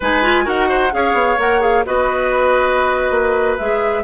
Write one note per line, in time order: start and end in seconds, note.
0.00 0.46 G#3
0.00 0.22 D#4
0.00 0.44 B4
0.00 0.47 G#5
0.22 0.44 F4
0.44 0.92 D#4
0.44 0.90 F#4
0.44 0.68 A#4
0.44 0.93 F#5
0.69 0.92 C5
0.91 1.13 C#4
0.91 1.37 G#4
0.91 1.86 C#5
0.91 1.39 F5
1.13 1.36 B3
1.38 1.85 A#3
1.38 1.60 A#4
1.38 1.62 F#5
1.60 1.83 G#4
1.60 1.85 F5
1.85 3.10 B3
1.85 3.58 F#4
1.85 4.03 B4
1.85 3.57 D#5
3.10 3.56 A#3
3.57 4.03 G#3
3.57 4.03 G#4
3.57 4.03 E5